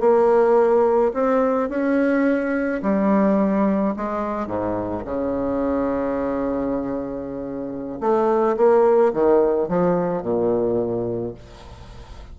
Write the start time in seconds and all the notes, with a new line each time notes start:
0.00 A#3
1.13 C4
1.69 C#4
2.83 G3
3.96 G#3
4.47 G#2
5.05 C#3
8.00 A3
8.57 A#3
9.13 D#3
9.68 F3
10.22 A#2